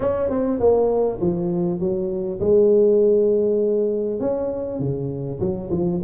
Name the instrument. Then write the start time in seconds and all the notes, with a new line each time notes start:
tuba
0.00 C#4
0.29 C4
0.59 A#3
1.21 F3
1.79 F#3
2.40 G#3
4.20 C#4
4.79 C#3
5.40 F#3
5.70 F3